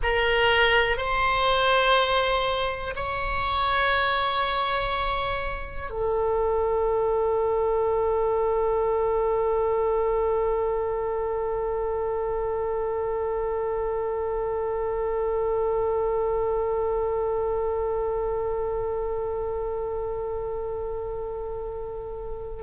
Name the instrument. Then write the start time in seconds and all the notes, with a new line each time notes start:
oboe
0.03 A#4
0.97 C5
2.95 C#5
5.90 A4